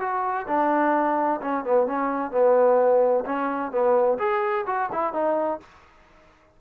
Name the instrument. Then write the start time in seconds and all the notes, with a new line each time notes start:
trombone
0.00 F#4
0.47 D4
1.41 C#4
1.64 B3
1.87 C#4
2.32 B3
3.26 C#4
3.72 B3
4.19 G#4
4.67 F#4
4.93 E4
5.14 D#4